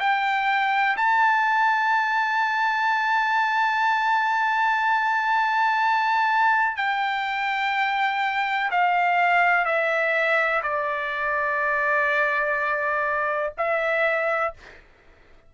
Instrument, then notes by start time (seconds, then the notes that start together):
trumpet
0.00 G5
0.97 A5
6.77 G5
8.71 F5
9.66 E5
10.63 D5
13.58 E5